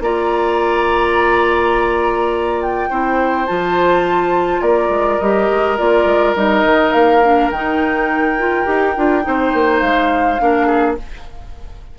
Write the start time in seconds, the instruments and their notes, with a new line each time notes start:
0.00 bassoon A#3, clarinet F4, oboe D5, flute A#5
2.61 flute G5
2.90 bassoon C4, clarinet E4, oboe C5
3.46 bassoon F3, clarinet F4, flute A5
4.61 bassoon A#3, oboe A#4, flute D5
4.89 bassoon G#3
5.19 bassoon G3, clarinet G4, flute D#5
5.49 bassoon G#3
5.77 bassoon A#3, clarinet F4, flute D5
6.05 bassoon G#3
6.35 bassoon G3, clarinet D#4, flute D#5
6.63 bassoon D#3
6.92 bassoon A#3, flute F5
7.22 clarinet D4
7.50 bassoon D#3, clarinet D#4, flute G5
8.38 clarinet F4
8.65 bassoon D#4, clarinet G4
8.96 bassoon D4, clarinet F4
9.22 bassoon C4, clarinet D#4, oboe C5
9.53 bassoon A#3
9.79 bassoon G#3, flute F5
10.39 bassoon A#3, clarinet D4, oboe A#4
10.66 oboe G#4